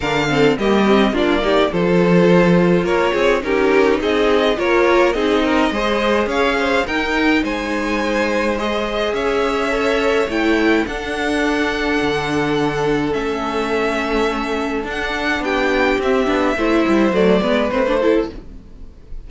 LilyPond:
<<
  \new Staff \with { instrumentName = "violin" } { \time 4/4 \tempo 4 = 105 f''4 dis''4 d''4 c''4~ | c''4 cis''4 ais'4 dis''4 | cis''4 dis''2 f''4 | g''4 gis''2 dis''4 |
e''2 g''4 fis''4~ | fis''2. e''4~ | e''2 fis''4 g''4 | e''2 d''4 c''4 | }
  \new Staff \with { instrumentName = "violin" } { \time 4/4 ais'8 a'8 g'4 f'8 g'8 a'4~ | a'4 ais'8 gis'8 g'4 gis'4 | ais'4 gis'8 ais'8 c''4 cis''8 c''8 | ais'4 c''2. |
cis''2. a'4~ | a'1~ | a'2. g'4~ | g'4 c''4. b'4 a'8 | }
  \new Staff \with { instrumentName = "viola" } { \time 4/4 d'8 c'8 ais8 c'8 d'8 dis'8 f'4~ | f'2 dis'2 | f'4 dis'4 gis'2 | dis'2. gis'4~ |
gis'4 a'4 e'4 d'4~ | d'2. cis'4~ | cis'2 d'2 | c'8 d'8 e'4 a8 b8 c'16 d'16 e'8 | }
  \new Staff \with { instrumentName = "cello" } { \time 4/4 d4 g4 ais4 f4~ | f4 ais8 c'8 cis'4 c'4 | ais4 c'4 gis4 cis'4 | dis'4 gis2. |
cis'2 a4 d'4~ | d'4 d2 a4~ | a2 d'4 b4 | c'8 b8 a8 g8 fis8 gis8 a4 | }
>>